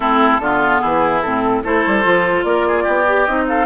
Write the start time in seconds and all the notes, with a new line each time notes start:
0.00 A3 C4 E4 A4
0.39 D3 B3 F4
0.80 E3 E4 G#4
1.22 A2 C4 A4
1.63 A3 E4 A4 C5
1.86 G3
2.02 F3 F4
2.44 A#3 A#4 D5
2.67 G#4
2.83 B3 G4
3.07 G4
3.25 C4 D#4 D#5
3.48 A4 F5